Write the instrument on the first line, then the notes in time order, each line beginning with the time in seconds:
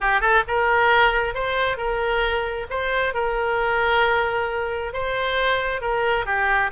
oboe
0.00 G4
0.21 A4
0.47 A#4
1.34 C5
1.77 A#4
2.69 C5
3.14 A#4
4.93 C5
5.81 A#4
6.25 G4